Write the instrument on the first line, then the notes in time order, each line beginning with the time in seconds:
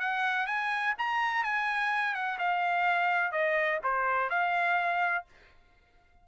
trumpet
0.00 F#5
0.47 G#5
0.98 A#5
1.44 G#5
2.15 F#5
2.39 F5
3.32 D#5
3.83 C5
4.30 F5